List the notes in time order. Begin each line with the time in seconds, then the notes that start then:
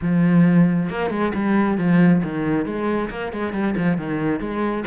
0.01 F3
0.89 A#3
1.10 G#3
1.34 G3
1.77 F3
2.23 D#3
2.65 G#3
3.10 A#3
3.32 G#3
3.52 G3
3.77 F3
3.97 D#3
4.39 G#3